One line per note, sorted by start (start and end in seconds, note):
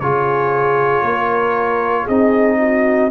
0.00 1.03 C#3
0.00 2.09 F4
0.00 1.05 G#4
0.00 2.07 C#5
1.03 2.06 A#3
1.03 2.04 A#4
2.04 3.11 C4
2.04 3.11 D#4
2.04 2.55 G#4
2.04 3.11 D#5
2.59 3.11 F#4